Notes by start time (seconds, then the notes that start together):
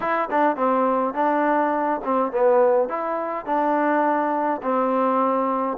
0.00 E4
0.30 D4
0.56 C4
1.14 D4
2.04 C4
2.32 B3
2.88 E4
3.45 D4
4.62 C4